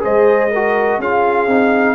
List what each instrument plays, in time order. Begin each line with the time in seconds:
0.00 tuba G#3, trombone G#4, horn C5, trumpet D#5
0.51 trombone F#4, horn A#4
0.99 tuba C#4, trombone F4, horn G#4, trumpet F5
1.47 tuba C4, trombone D#4